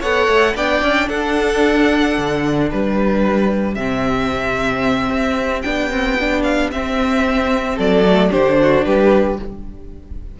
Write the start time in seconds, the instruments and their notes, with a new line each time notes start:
0.00 cello B3, viola A4, violin C#5 F#5
0.28 cello A3
0.55 cello B3, viola D4, violin D5 G5
0.81 cello C#4
1.08 cello D4, violin A4 F#5
2.18 cello D3
2.68 cello G3, violin G4 B4
3.74 cello C3, viola C4, violin E5
5.09 cello C4
5.61 cello B3, viola D4, violin G5
5.90 viola C4
6.19 viola D4
6.43 violin F5
6.71 cello C4, viola C4, violin E5
7.76 cello F#3, violin A4 D5
8.05 viola A3
8.30 cello D3, viola D4, violin G4 C5
8.61 violin F#4
8.84 cello G3, violin G4 B4